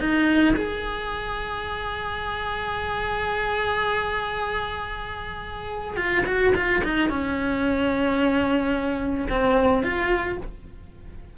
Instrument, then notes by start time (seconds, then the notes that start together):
cello
0.00 D#4
0.57 G#4
5.97 F4
6.26 F#4
6.56 F4
6.84 D#4
7.10 C#4
9.30 C4
9.83 F4